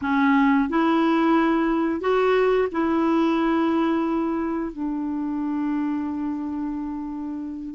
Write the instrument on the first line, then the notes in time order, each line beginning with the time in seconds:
clarinet
0.01 C#4
0.69 E4
2.00 F#4
2.72 E4
4.72 D4